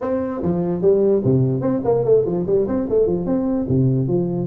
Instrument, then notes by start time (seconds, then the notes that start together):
tuba
0.01 C4
0.42 F3
0.81 G3
1.24 C3
1.61 C4
1.84 A#3
2.04 A3
2.25 F3
2.46 G3
2.67 C4
2.89 A3
3.06 F3
3.26 C4
3.68 C3
4.07 F3